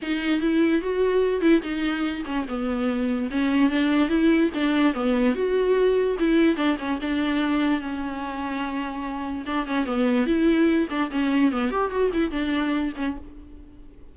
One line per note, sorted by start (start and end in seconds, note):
0.01 0.40 D#4
0.40 0.81 E4
0.81 1.41 F#4
1.41 1.61 E4
1.62 2.23 D#4
2.25 2.46 C#4
2.48 3.30 B3
3.31 3.70 C#4
3.70 4.09 D4
4.09 4.50 E4
4.54 4.94 D4
4.94 5.34 B3
5.34 6.16 F#4
6.19 6.56 E4
6.56 6.77 D4
6.78 6.99 C#4
7.01 7.80 D4
7.80 9.44 C#4
9.45 9.66 D4
9.66 9.85 C#4
9.85 10.26 B3
10.26 10.88 E4
10.90 11.10 D4
11.10 11.51 C#4
11.51 11.70 B3
11.70 11.90 G4
11.90 12.11 F#4
12.13 12.31 E4
12.31 12.92 D4
12.96 13.17 C#4